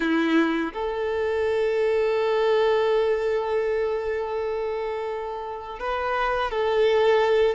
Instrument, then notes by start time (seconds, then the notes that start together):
violin
0.00 E4
0.73 A4
5.79 B4
6.51 A4